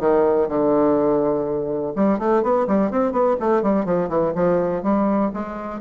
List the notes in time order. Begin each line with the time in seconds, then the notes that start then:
0.00 D#3
0.48 D3
1.96 G3
2.19 A3
2.43 B3
2.67 G3
2.91 C4
3.12 B3
3.40 A3
3.62 G3
3.85 F3
4.09 E3
4.35 F3
4.83 G3
5.34 G#3